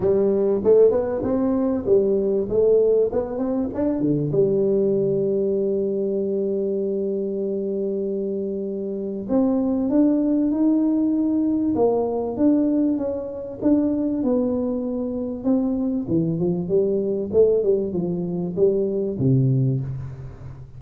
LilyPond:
\new Staff \with { instrumentName = "tuba" } { \time 4/4 \tempo 4 = 97 g4 a8 b8 c'4 g4 | a4 b8 c'8 d'8 d8 g4~ | g1~ | g2. c'4 |
d'4 dis'2 ais4 | d'4 cis'4 d'4 b4~ | b4 c'4 e8 f8 g4 | a8 g8 f4 g4 c4 | }